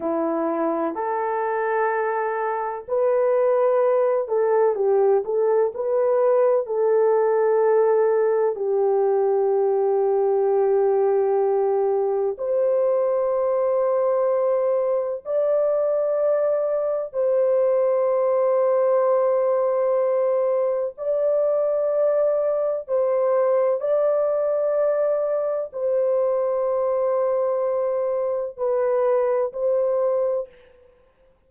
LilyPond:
\new Staff \with { instrumentName = "horn" } { \time 4/4 \tempo 4 = 63 e'4 a'2 b'4~ | b'8 a'8 g'8 a'8 b'4 a'4~ | a'4 g'2.~ | g'4 c''2. |
d''2 c''2~ | c''2 d''2 | c''4 d''2 c''4~ | c''2 b'4 c''4 | }